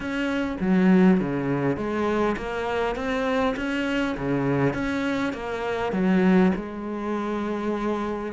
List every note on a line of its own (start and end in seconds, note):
0.00 0.57 C#4
0.60 1.19 F#3
1.19 1.76 C#3
1.76 2.36 G#3
2.37 2.95 A#3
2.95 3.55 C4
3.56 4.16 C#4
4.17 4.73 C#3
4.73 5.33 C#4
5.33 5.92 A#3
5.92 6.52 F#3
6.55 8.32 G#3